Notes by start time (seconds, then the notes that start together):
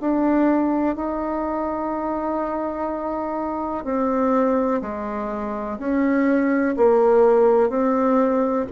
0.00 D4
0.95 D#4
3.84 C4
4.81 G#3
5.78 C#4
6.76 A#3
7.69 C4